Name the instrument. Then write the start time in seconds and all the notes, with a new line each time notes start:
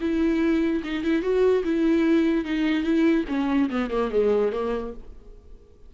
viola
0.00 E4
0.83 D#4
1.03 E4
1.22 F#4
1.64 E4
2.44 D#4
2.83 E4
3.28 C#4
3.69 B3
3.90 A#3
4.11 G#3
4.52 A#3